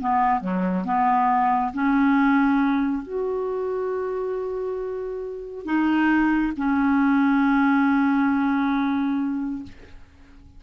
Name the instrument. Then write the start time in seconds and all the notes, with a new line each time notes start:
clarinet
0.00 B3
0.41 F#3
0.85 B3
1.73 C#4
3.03 F#4
5.65 D#4
6.57 C#4